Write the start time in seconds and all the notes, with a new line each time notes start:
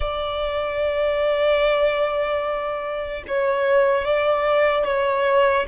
0.00 D5
3.27 C#5
4.04 D5
4.84 C#5